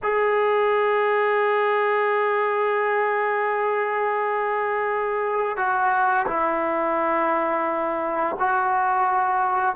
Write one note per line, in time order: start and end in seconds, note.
0.02 5.57 G#4
5.57 6.26 F#4
6.27 8.36 E4
8.39 9.75 F#4